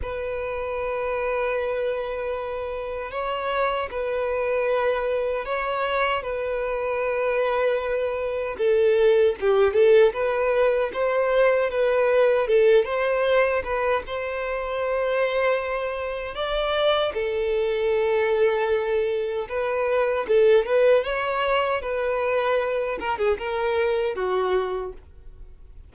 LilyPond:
\new Staff \with { instrumentName = "violin" } { \time 4/4 \tempo 4 = 77 b'1 | cis''4 b'2 cis''4 | b'2. a'4 | g'8 a'8 b'4 c''4 b'4 |
a'8 c''4 b'8 c''2~ | c''4 d''4 a'2~ | a'4 b'4 a'8 b'8 cis''4 | b'4. ais'16 gis'16 ais'4 fis'4 | }